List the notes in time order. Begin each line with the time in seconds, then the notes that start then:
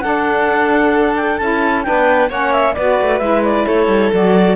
0.00 D4 A4 F#5
1.16 G5
1.38 C#4 E4 A5
1.83 B3 D4 B4 G5
2.29 A#3 C#4 C#5 F#5
2.52 E5
2.74 B3 F#4 B4 D5
3.01 A3
3.19 G#3 E4 E5
3.44 D5
3.65 A3 A4 C#5
3.87 G3
4.13 F#3 F#4 D5